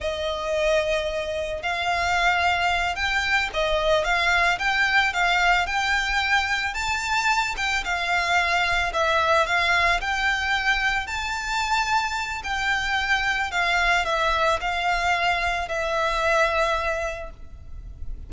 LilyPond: \new Staff \with { instrumentName = "violin" } { \time 4/4 \tempo 4 = 111 dis''2. f''4~ | f''4. g''4 dis''4 f''8~ | f''8 g''4 f''4 g''4.~ | g''8 a''4. g''8 f''4.~ |
f''8 e''4 f''4 g''4.~ | g''8 a''2~ a''8 g''4~ | g''4 f''4 e''4 f''4~ | f''4 e''2. | }